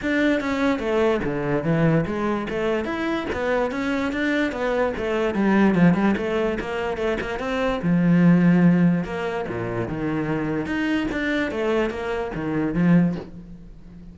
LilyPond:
\new Staff \with { instrumentName = "cello" } { \time 4/4 \tempo 4 = 146 d'4 cis'4 a4 d4 | e4 gis4 a4 e'4 | b4 cis'4 d'4 b4 | a4 g4 f8 g8 a4 |
ais4 a8 ais8 c'4 f4~ | f2 ais4 ais,4 | dis2 dis'4 d'4 | a4 ais4 dis4 f4 | }